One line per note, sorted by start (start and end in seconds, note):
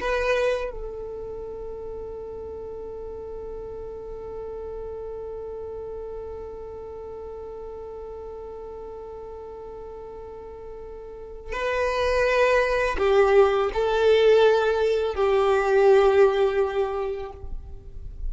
0.00 0.71 B4
0.71 11.52 A4
11.52 12.97 B4
12.98 13.70 G4
13.73 15.14 A4
15.14 17.31 G4